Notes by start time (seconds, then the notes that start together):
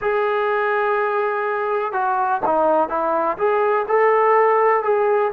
0.00 G#4
1.92 F#4
2.45 D#4
2.89 E4
3.37 G#4
3.88 A4
4.83 G#4